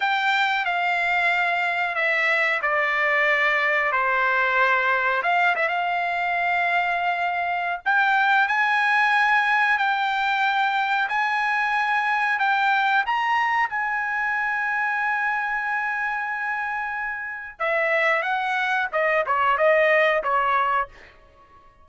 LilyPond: \new Staff \with { instrumentName = "trumpet" } { \time 4/4 \tempo 4 = 92 g''4 f''2 e''4 | d''2 c''2 | f''8 e''16 f''2.~ f''16 | g''4 gis''2 g''4~ |
g''4 gis''2 g''4 | ais''4 gis''2.~ | gis''2. e''4 | fis''4 dis''8 cis''8 dis''4 cis''4 | }